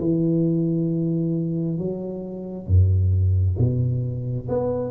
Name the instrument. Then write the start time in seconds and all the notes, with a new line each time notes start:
tuba
0.00 E3
1.78 F#3
2.67 F#2
3.59 B2
4.49 B3